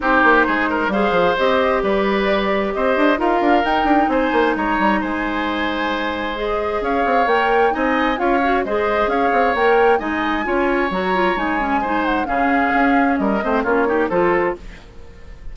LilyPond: <<
  \new Staff \with { instrumentName = "flute" } { \time 4/4 \tempo 4 = 132 c''2 f''4 dis''4 | d''2 dis''4 f''4 | g''4 gis''4 ais''4 gis''4~ | gis''2 dis''4 f''4 |
g''4 gis''4 f''4 dis''4 | f''4 g''4 gis''2 | ais''4 gis''4. fis''8 f''4~ | f''4 dis''4 cis''4 c''4 | }
  \new Staff \with { instrumentName = "oboe" } { \time 4/4 g'4 gis'8 ais'8 c''2 | b'2 c''4 ais'4~ | ais'4 c''4 cis''4 c''4~ | c''2. cis''4~ |
cis''4 dis''4 cis''4 c''4 | cis''2 dis''4 cis''4~ | cis''2 c''4 gis'4~ | gis'4 ais'8 c''8 f'8 g'8 a'4 | }
  \new Staff \with { instrumentName = "clarinet" } { \time 4/4 dis'2 gis'4 g'4~ | g'2. f'4 | dis'1~ | dis'2 gis'2 |
ais'4 dis'4 f'8 fis'8 gis'4~ | gis'4 ais'4 dis'4 f'4 | fis'8 f'8 dis'8 cis'8 dis'4 cis'4~ | cis'4. c'8 cis'8 dis'8 f'4 | }
  \new Staff \with { instrumentName = "bassoon" } { \time 4/4 c'8 ais8 gis4 g8 f8 c'4 | g2 c'8 d'8 dis'8 d'8 | dis'8 d'8 c'8 ais8 gis8 g8 gis4~ | gis2. cis'8 c'8 |
ais4 c'4 cis'4 gis4 | cis'8 c'8 ais4 gis4 cis'4 | fis4 gis2 cis4 | cis'4 g8 a8 ais4 f4 | }
>>